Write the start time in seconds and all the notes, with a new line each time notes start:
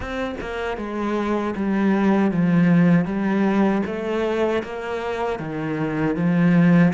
0.00 C4
0.40 A#3
0.77 G#3
1.55 G3
2.31 F3
3.05 G3
3.86 A3
4.63 A#3
5.39 D#3
6.15 F3